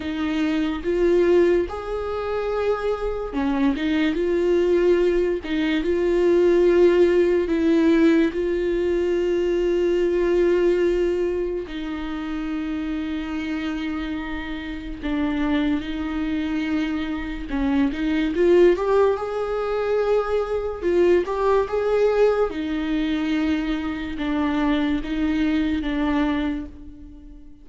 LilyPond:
\new Staff \with { instrumentName = "viola" } { \time 4/4 \tempo 4 = 72 dis'4 f'4 gis'2 | cis'8 dis'8 f'4. dis'8 f'4~ | f'4 e'4 f'2~ | f'2 dis'2~ |
dis'2 d'4 dis'4~ | dis'4 cis'8 dis'8 f'8 g'8 gis'4~ | gis'4 f'8 g'8 gis'4 dis'4~ | dis'4 d'4 dis'4 d'4 | }